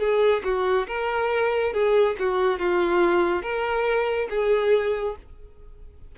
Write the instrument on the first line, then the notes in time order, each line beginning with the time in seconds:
violin
0.00 G#4
0.44 F#4
0.88 A#4
1.73 G#4
2.19 F#4
2.59 F4
3.42 A#4
4.30 G#4